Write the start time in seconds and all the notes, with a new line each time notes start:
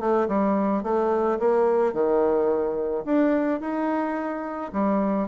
0.00 A3
0.28 G3
0.83 A3
1.39 A#3
1.93 D#3
3.05 D4
3.61 D#4
4.73 G3